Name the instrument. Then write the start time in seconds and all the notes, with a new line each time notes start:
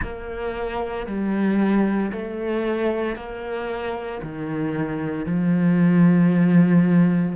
cello
0.02 A#3
1.06 G3
2.11 A3
3.16 A#3
4.22 D#3
5.25 F3